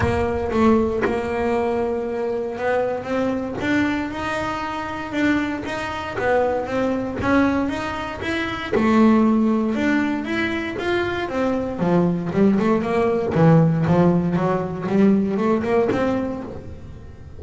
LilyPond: \new Staff \with { instrumentName = "double bass" } { \time 4/4 \tempo 4 = 117 ais4 a4 ais2~ | ais4 b4 c'4 d'4 | dis'2 d'4 dis'4 | b4 c'4 cis'4 dis'4 |
e'4 a2 d'4 | e'4 f'4 c'4 f4 | g8 a8 ais4 e4 f4 | fis4 g4 a8 ais8 c'4 | }